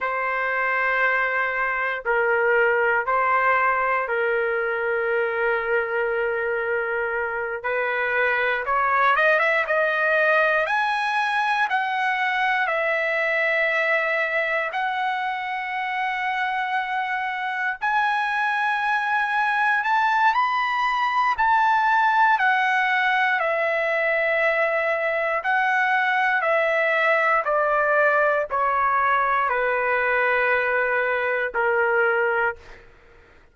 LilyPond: \new Staff \with { instrumentName = "trumpet" } { \time 4/4 \tempo 4 = 59 c''2 ais'4 c''4 | ais'2.~ ais'8 b'8~ | b'8 cis''8 dis''16 e''16 dis''4 gis''4 fis''8~ | fis''8 e''2 fis''4.~ |
fis''4. gis''2 a''8 | b''4 a''4 fis''4 e''4~ | e''4 fis''4 e''4 d''4 | cis''4 b'2 ais'4 | }